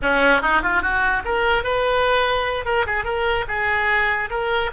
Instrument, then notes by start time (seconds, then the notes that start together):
oboe
0.01 C#4
0.41 D#4
0.62 F4
0.81 F#4
1.24 A#4
1.63 B4
2.65 A#4
2.86 G#4
3.04 A#4
3.48 G#4
4.29 A#4